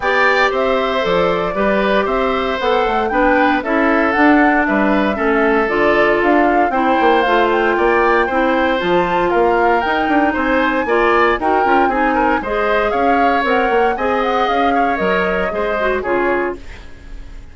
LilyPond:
<<
  \new Staff \with { instrumentName = "flute" } { \time 4/4 \tempo 4 = 116 g''4 e''4 d''2 | e''4 fis''4 g''4 e''4 | fis''4 e''2 d''4 | f''4 g''4 f''8 g''4.~ |
g''4 a''4 f''4 g''4 | gis''2 g''4 gis''4 | dis''4 f''4 fis''4 gis''8 fis''8 | f''4 dis''2 cis''4 | }
  \new Staff \with { instrumentName = "oboe" } { \time 4/4 d''4 c''2 b'4 | c''2 b'4 a'4~ | a'4 b'4 a'2~ | a'4 c''2 d''4 |
c''2 ais'2 | c''4 d''4 ais'4 gis'8 ais'8 | c''4 cis''2 dis''4~ | dis''8 cis''4. c''4 gis'4 | }
  \new Staff \with { instrumentName = "clarinet" } { \time 4/4 g'2 a'4 g'4~ | g'4 a'4 d'4 e'4 | d'2 cis'4 f'4~ | f'4 e'4 f'2 |
e'4 f'2 dis'4~ | dis'4 f'4 fis'8 f'8 dis'4 | gis'2 ais'4 gis'4~ | gis'4 ais'4 gis'8 fis'8 f'4 | }
  \new Staff \with { instrumentName = "bassoon" } { \time 4/4 b4 c'4 f4 g4 | c'4 b8 a8 b4 cis'4 | d'4 g4 a4 d4 | d'4 c'8 ais8 a4 ais4 |
c'4 f4 ais4 dis'8 d'8 | c'4 ais4 dis'8 cis'8 c'4 | gis4 cis'4 c'8 ais8 c'4 | cis'4 fis4 gis4 cis4 | }
>>